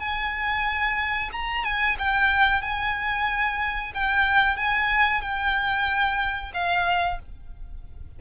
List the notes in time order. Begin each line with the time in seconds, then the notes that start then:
0.00 G#5
1.33 A#5
1.65 G#5
1.99 G5
2.62 G#5
3.95 G5
4.57 G#5
5.22 G5
6.55 F5